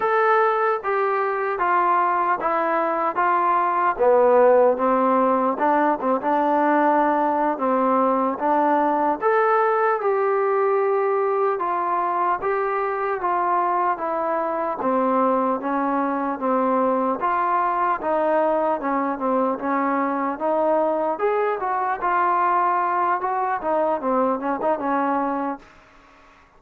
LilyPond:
\new Staff \with { instrumentName = "trombone" } { \time 4/4 \tempo 4 = 75 a'4 g'4 f'4 e'4 | f'4 b4 c'4 d'8 c'16 d'16~ | d'4. c'4 d'4 a'8~ | a'8 g'2 f'4 g'8~ |
g'8 f'4 e'4 c'4 cis'8~ | cis'8 c'4 f'4 dis'4 cis'8 | c'8 cis'4 dis'4 gis'8 fis'8 f'8~ | f'4 fis'8 dis'8 c'8 cis'16 dis'16 cis'4 | }